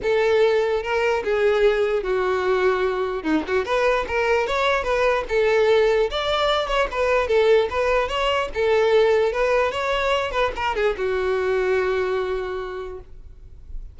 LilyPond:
\new Staff \with { instrumentName = "violin" } { \time 4/4 \tempo 4 = 148 a'2 ais'4 gis'4~ | gis'4 fis'2. | dis'8 fis'8 b'4 ais'4 cis''4 | b'4 a'2 d''4~ |
d''8 cis''8 b'4 a'4 b'4 | cis''4 a'2 b'4 | cis''4. b'8 ais'8 gis'8 fis'4~ | fis'1 | }